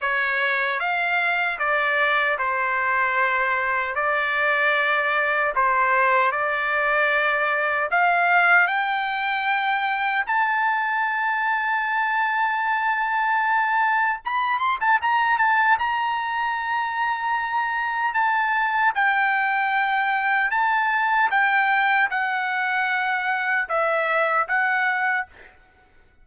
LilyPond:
\new Staff \with { instrumentName = "trumpet" } { \time 4/4 \tempo 4 = 76 cis''4 f''4 d''4 c''4~ | c''4 d''2 c''4 | d''2 f''4 g''4~ | g''4 a''2.~ |
a''2 b''8 c'''16 a''16 ais''8 a''8 | ais''2. a''4 | g''2 a''4 g''4 | fis''2 e''4 fis''4 | }